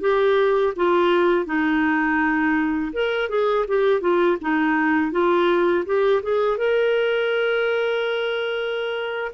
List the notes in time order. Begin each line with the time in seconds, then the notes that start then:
0.00 G4
0.76 F4
1.45 D#4
2.92 A#4
3.29 G#4
3.68 G4
4.00 F4
4.41 D#4
5.11 F4
5.85 G4
6.23 G#4
6.58 A#4